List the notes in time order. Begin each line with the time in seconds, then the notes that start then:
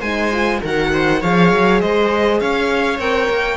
0.00 G#3 D#4 C5 G#5
0.32 F4
0.62 D#3 F#4 A#4 F#5
0.93 C5
1.21 F3 G#4 C#5 F5
1.52 F#3
1.81 G#3 C5 D#5
2.40 C#4 C#5 F5
2.99 C4 A#4 G5
3.29 A#3